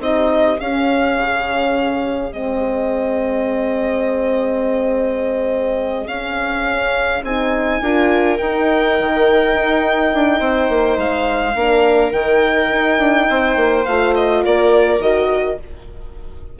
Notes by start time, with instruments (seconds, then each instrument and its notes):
0.00 bassoon C4, horn D#4, viola G#4, violin D#5
0.60 horn C#4, bassoon C#4, violin F5
1.17 bassoon C#3
2.32 bassoon G#3, horn C4, violin D#5
6.07 bassoon C#4, horn C#4, violin F5
7.23 bassoon C4, horn D#4, violin G#5
7.81 bassoon D4, horn F4, viola A#4
8.38 horn D#4, bassoon D#4, violin G5
9.00 bassoon D#3
9.54 bassoon D#4
10.14 bassoon D4
10.40 bassoon C4, viola C5
10.69 bassoon A#3
10.98 bassoon G#3, violin F5
11.55 bassoon A#3, horn D4, viola A#4
12.12 bassoon D#3, horn D#4, violin G5
12.71 bassoon D#4
12.99 bassoon D4
13.29 bassoon C4, viola C5
13.56 bassoon A#3
13.85 bassoon A3, horn F4, violin F5
14.15 violin D#5
14.42 bassoon A#3, viola A#4, violin D5
14.99 bassoon D#3, horn F#4, violin D#5